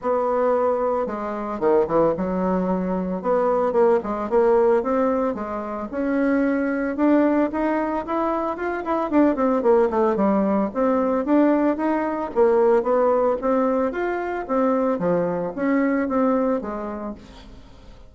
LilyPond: \new Staff \with { instrumentName = "bassoon" } { \time 4/4 \tempo 4 = 112 b2 gis4 dis8 e8 | fis2 b4 ais8 gis8 | ais4 c'4 gis4 cis'4~ | cis'4 d'4 dis'4 e'4 |
f'8 e'8 d'8 c'8 ais8 a8 g4 | c'4 d'4 dis'4 ais4 | b4 c'4 f'4 c'4 | f4 cis'4 c'4 gis4 | }